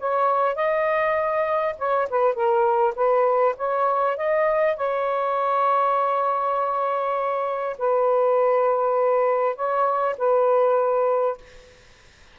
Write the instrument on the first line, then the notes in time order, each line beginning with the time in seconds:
saxophone
0.00 C#5
0.56 D#5
1.79 C#5
2.10 B4
2.35 A#4
2.96 B4
3.58 C#5
4.17 D#5
4.77 C#5
7.79 B4
9.56 C#5
10.18 B4